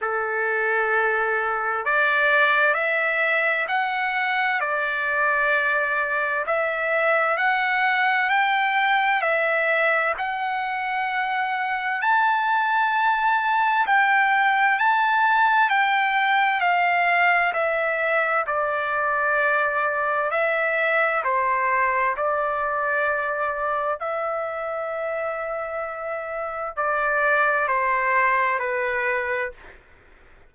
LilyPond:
\new Staff \with { instrumentName = "trumpet" } { \time 4/4 \tempo 4 = 65 a'2 d''4 e''4 | fis''4 d''2 e''4 | fis''4 g''4 e''4 fis''4~ | fis''4 a''2 g''4 |
a''4 g''4 f''4 e''4 | d''2 e''4 c''4 | d''2 e''2~ | e''4 d''4 c''4 b'4 | }